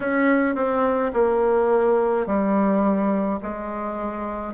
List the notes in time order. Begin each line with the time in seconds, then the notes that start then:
0.00 C#4
0.55 C4
1.13 A#3
2.26 G3
3.42 G#3